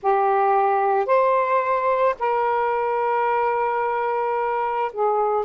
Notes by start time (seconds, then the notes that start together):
0.02 G4
1.06 C5
2.19 A#4
4.92 G#4